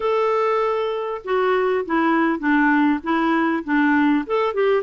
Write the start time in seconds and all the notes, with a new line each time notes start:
0.00 A4
1.24 F#4
1.85 E4
2.39 D4
3.03 E4
3.64 D4
4.26 A4
4.54 G4